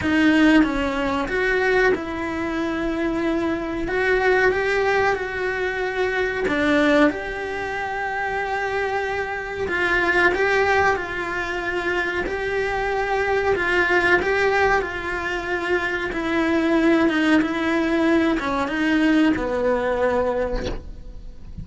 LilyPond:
\new Staff \with { instrumentName = "cello" } { \time 4/4 \tempo 4 = 93 dis'4 cis'4 fis'4 e'4~ | e'2 fis'4 g'4 | fis'2 d'4 g'4~ | g'2. f'4 |
g'4 f'2 g'4~ | g'4 f'4 g'4 f'4~ | f'4 e'4. dis'8 e'4~ | e'8 cis'8 dis'4 b2 | }